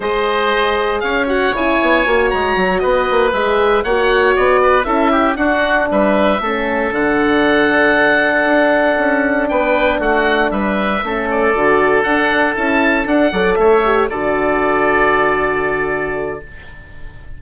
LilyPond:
<<
  \new Staff \with { instrumentName = "oboe" } { \time 4/4 \tempo 4 = 117 dis''2 f''8 fis''8 gis''4~ | gis''8 ais''4 dis''4 e''4 fis''8~ | fis''8 d''4 e''4 fis''4 e''8~ | e''4. fis''2~ fis''8~ |
fis''2~ fis''8 g''4 fis''8~ | fis''8 e''4. d''4. fis''8~ | fis''8 a''4 fis''4 e''4 d''8~ | d''1 | }
  \new Staff \with { instrumentName = "oboe" } { \time 4/4 c''2 cis''2~ | cis''4. b'2 cis''8~ | cis''4 b'8 a'8 g'8 fis'4 b'8~ | b'8 a'2.~ a'8~ |
a'2~ a'8 b'4 fis'8~ | fis'8 b'4 a'2~ a'8~ | a'2 d''8 cis''4 a'8~ | a'1 | }
  \new Staff \with { instrumentName = "horn" } { \time 4/4 gis'2~ gis'8 fis'8 e'4 | fis'2~ fis'8 gis'4 fis'8~ | fis'4. e'4 d'4.~ | d'8 cis'4 d'2~ d'8~ |
d'1~ | d'4. cis'4 fis'4 d'8~ | d'8 e'4 d'8 a'4 g'8 fis'8~ | fis'1 | }
  \new Staff \with { instrumentName = "bassoon" } { \time 4/4 gis2 cis'4 cis8 b8 | ais8 gis8 fis8 b8 ais8 gis4 ais8~ | ais8 b4 cis'4 d'4 g8~ | g8 a4 d2~ d8~ |
d8 d'4 cis'4 b4 a8~ | a8 g4 a4 d4 d'8~ | d'8 cis'4 d'8 fis8 a4 d8~ | d1 | }
>>